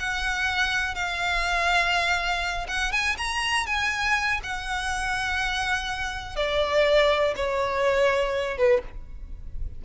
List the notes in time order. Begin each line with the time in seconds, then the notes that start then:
0.00 F#5
0.95 F5
2.68 F#5
2.92 G#5
3.18 A#5
3.67 G#5
4.44 F#5
6.36 D5
7.36 C#5
8.58 B4